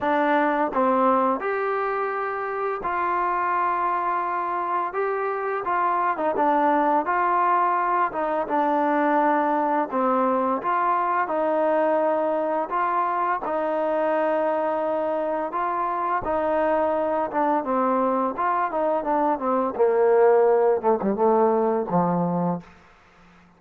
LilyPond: \new Staff \with { instrumentName = "trombone" } { \time 4/4 \tempo 4 = 85 d'4 c'4 g'2 | f'2. g'4 | f'8. dis'16 d'4 f'4. dis'8 | d'2 c'4 f'4 |
dis'2 f'4 dis'4~ | dis'2 f'4 dis'4~ | dis'8 d'8 c'4 f'8 dis'8 d'8 c'8 | ais4. a16 g16 a4 f4 | }